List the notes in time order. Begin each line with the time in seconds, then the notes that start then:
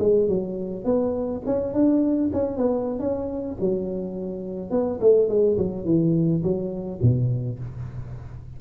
0.00 G#3
0.29 F#3
0.85 B3
1.46 C#4
1.74 D4
2.33 C#4
2.57 B3
3.00 C#4
3.61 F#3
4.71 B3
5.01 A3
5.29 G#3
5.58 F#3
5.85 E3
6.43 F#3
7.02 B2